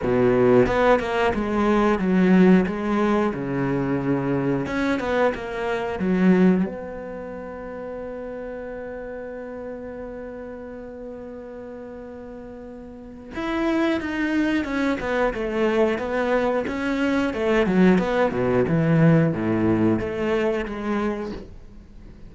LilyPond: \new Staff \with { instrumentName = "cello" } { \time 4/4 \tempo 4 = 90 b,4 b8 ais8 gis4 fis4 | gis4 cis2 cis'8 b8 | ais4 fis4 b2~ | b1~ |
b1 | e'4 dis'4 cis'8 b8 a4 | b4 cis'4 a8 fis8 b8 b,8 | e4 a,4 a4 gis4 | }